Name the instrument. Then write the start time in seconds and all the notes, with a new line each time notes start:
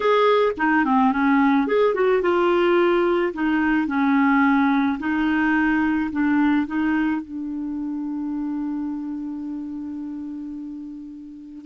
clarinet
0.00 G#4
0.57 D#4
0.84 C4
1.12 C#4
1.67 G#4
1.94 F#4
2.22 F4
3.33 D#4
3.87 C#4
4.99 D#4
6.11 D4
6.66 D#4
7.21 D4